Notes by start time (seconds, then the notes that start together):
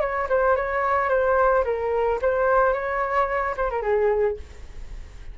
0.00 C#5
0.29 C5
0.56 C#5
1.09 C5
1.64 A#4
2.21 C5
2.73 C#5
3.57 C5
3.70 A#4
3.82 G#4